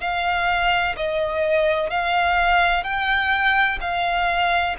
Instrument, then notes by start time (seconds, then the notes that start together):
violin
0.00 F5
0.96 D#5
1.90 F5
2.84 G5
3.81 F5